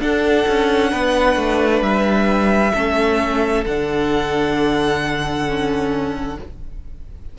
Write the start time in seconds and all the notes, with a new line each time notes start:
0.00 D4 A4 F#5
0.48 C#4
0.91 B3 B4
1.36 A3
1.82 G3 E5
2.74 A3 C#4 A4
3.66 D3 D4 F#5
5.46 C#4